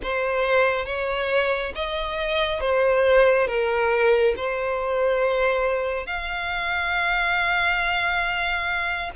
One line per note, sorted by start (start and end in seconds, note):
0.02 0.85 C5
0.85 1.72 C#5
1.75 2.60 D#5
2.60 3.47 C5
3.47 4.34 A#4
4.36 6.06 C5
6.06 9.11 F5